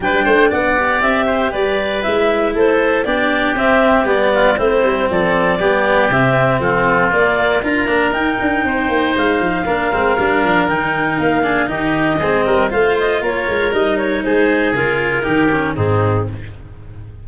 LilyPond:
<<
  \new Staff \with { instrumentName = "clarinet" } { \time 4/4 \tempo 4 = 118 g''4 fis''4 e''4 d''4 | e''4 c''4 d''4 e''4 | d''4 c''4 d''2 | e''4 a'4 d''4 ais''4 |
g''2 f''2~ | f''4 g''4 f''4 dis''4~ | dis''4 f''8 dis''8 cis''4 dis''8 cis''8 | c''4 ais'2 gis'4 | }
  \new Staff \with { instrumentName = "oboe" } { \time 4/4 b'8 c''8 d''4. c''8 b'4~ | b'4 a'4 g'2~ | g'8 f'8 e'4 a'4 g'4~ | g'4 f'2 ais'4~ |
ais'4 c''2 ais'4~ | ais'2~ ais'8 gis'8 g'4 | gis'8 ais'8 c''4 ais'2 | gis'2 g'4 dis'4 | }
  \new Staff \with { instrumentName = "cello" } { \time 4/4 d'4. g'2~ g'8 | e'2 d'4 c'4 | b4 c'2 b4 | c'2 ais4 f'8 d'8 |
dis'2. d'8 c'8 | d'4 dis'4. d'8 dis'4 | c'4 f'2 dis'4~ | dis'4 f'4 dis'8 cis'8 c'4 | }
  \new Staff \with { instrumentName = "tuba" } { \time 4/4 g8 a8 b4 c'4 g4 | gis4 a4 b4 c'4 | g4 a8 g8 f4 g4 | c4 f4 ais4 d'8 ais8 |
dis'8 d'8 c'8 ais8 gis8 f8 ais8 gis8 | g8 f8 dis4 ais4 dis4 | gis8 g8 a4 ais8 gis8 g4 | gis4 cis4 dis4 gis,4 | }
>>